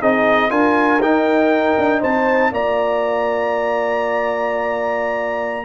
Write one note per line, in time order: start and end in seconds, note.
0.00 0.50 C4
0.00 0.50 D#4
0.00 0.50 G#4
0.00 0.51 D#5
0.50 1.00 D4
0.50 1.00 F4
0.50 2.01 A#4
0.50 1.01 G#5
1.00 1.76 D#4
1.00 2.52 D#4
1.00 2.03 G5
1.78 2.03 D4
2.01 2.52 C4
2.01 2.51 C5
2.01 2.54 A5
2.52 5.65 A#3
2.52 5.65 F4
2.52 5.65 D5
2.52 5.65 A#5